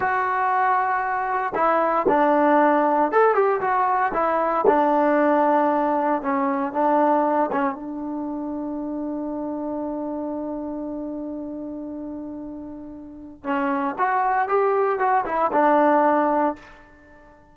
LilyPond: \new Staff \with { instrumentName = "trombone" } { \time 4/4 \tempo 4 = 116 fis'2. e'4 | d'2 a'8 g'8 fis'4 | e'4 d'2. | cis'4 d'4. cis'8 d'4~ |
d'1~ | d'1~ | d'2 cis'4 fis'4 | g'4 fis'8 e'8 d'2 | }